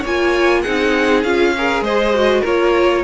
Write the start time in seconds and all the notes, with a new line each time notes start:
0.00 A#3 C#5
0.06 F4 G#5
0.61 C4 D#4 G#4 F#5
1.23 C#4 F4 F5
1.57 G#4 A#4
1.81 G#3 C5 D#5
2.14 F#4
2.41 A#3 F4 A#4 C#5